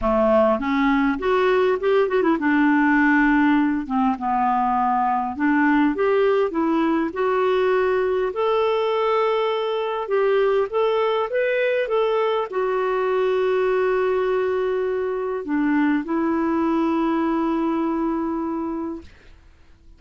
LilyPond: \new Staff \with { instrumentName = "clarinet" } { \time 4/4 \tempo 4 = 101 a4 cis'4 fis'4 g'8 fis'16 e'16 | d'2~ d'8 c'8 b4~ | b4 d'4 g'4 e'4 | fis'2 a'2~ |
a'4 g'4 a'4 b'4 | a'4 fis'2.~ | fis'2 d'4 e'4~ | e'1 | }